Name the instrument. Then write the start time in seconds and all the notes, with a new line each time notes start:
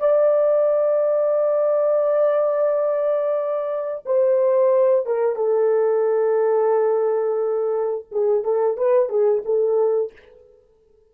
horn
0.00 D5
4.06 C5
5.06 A#4
5.36 A4
8.11 G#4
8.44 A4
8.77 B4
9.09 G#4
9.45 A4